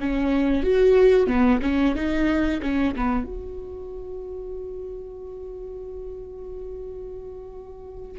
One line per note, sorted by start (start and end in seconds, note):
0.00 0.64 C#4
0.64 1.27 F#4
1.27 1.60 B3
1.62 1.95 C#4
1.95 2.61 D#4
2.62 2.95 C#4
2.96 3.25 B3
3.25 8.19 F#4